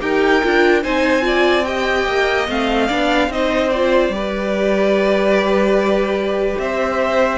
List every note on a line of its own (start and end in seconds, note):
0.00 0.42 D#4
0.00 0.41 G4
0.00 0.82 A#4
0.00 0.83 G5
0.42 0.84 D4
0.42 0.82 F4
0.82 2.07 C4
0.82 1.21 D#4
0.82 1.23 C5
0.82 1.65 G#5
1.21 1.62 F4
1.21 1.67 D5
1.65 2.47 G4
1.65 2.87 D#5
1.65 2.47 G5
2.07 2.48 A#3
2.48 2.90 A3
2.48 2.89 C4
2.48 3.32 F5
2.87 3.28 B3
2.87 3.30 D4
2.87 3.28 D5
3.28 4.09 C4
3.28 3.72 D#4
3.28 4.14 C5
3.28 3.70 D#5
3.70 4.12 F4
3.70 6.58 D5
4.09 6.55 G3
4.09 7.38 G4
4.09 6.61 B4
6.59 7.38 C4
6.59 7.38 C5
6.59 7.38 E5